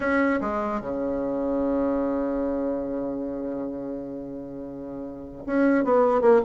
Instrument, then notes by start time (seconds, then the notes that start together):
bassoon
0.00 C#4
0.40 G#3
0.81 C#3
5.46 C#4
5.84 B3
6.21 A#3